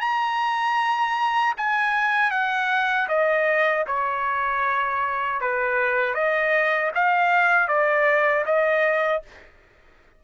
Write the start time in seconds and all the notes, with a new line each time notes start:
0.00 A#5
1.57 G#5
2.31 F#5
3.08 D#5
3.87 C#5
5.41 B4
6.14 D#5
6.94 F5
7.68 D5
8.45 D#5